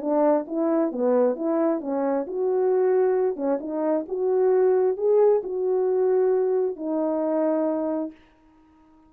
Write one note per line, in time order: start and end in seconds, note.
0.00 0.45 D4
0.47 0.91 E4
0.91 1.36 B3
1.36 1.80 E4
1.80 2.25 C#4
2.27 3.36 F#4
3.36 3.58 C#4
3.60 4.05 D#4
4.08 4.96 F#4
4.96 5.42 G#4
5.43 6.76 F#4
6.76 8.11 D#4